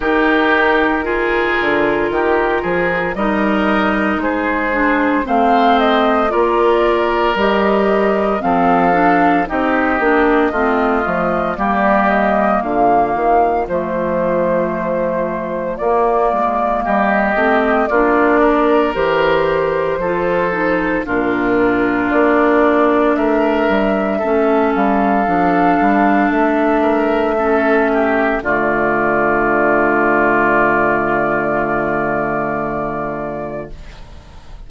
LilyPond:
<<
  \new Staff \with { instrumentName = "flute" } { \time 4/4 \tempo 4 = 57 ais'2. dis''4 | c''4 f''8 dis''8 d''4 dis''4 | f''4 dis''2 d''8 dis''8 | f''4 c''2 d''4 |
dis''4 d''4 c''2 | ais'4 d''4 e''4. f''8~ | f''4 e''2 d''4~ | d''1 | }
  \new Staff \with { instrumentName = "oboe" } { \time 4/4 g'4 gis'4 g'8 gis'8 ais'4 | gis'4 c''4 ais'2 | a'4 g'4 f'4 g'4 | f'1 |
g'4 f'8 ais'4. a'4 | f'2 ais'4 a'4~ | a'4. ais'8 a'8 g'8 f'4~ | f'1 | }
  \new Staff \with { instrumentName = "clarinet" } { \time 4/4 dis'4 f'2 dis'4~ | dis'8 d'8 c'4 f'4 g'4 | c'8 d'8 dis'8 d'8 c'8 a8 ais4~ | ais4 a2 ais4~ |
ais8 c'8 d'4 g'4 f'8 dis'8 | d'2. cis'4 | d'2 cis'4 a4~ | a1 | }
  \new Staff \with { instrumentName = "bassoon" } { \time 4/4 dis4. d8 dis8 f8 g4 | gis4 a4 ais4 g4 | f4 c'8 ais8 a8 f8 g4 | d8 dis8 f2 ais8 gis8 |
g8 a8 ais4 e4 f4 | ais,4 ais4 a8 g8 a8 g8 | f8 g8 a2 d4~ | d1 | }
>>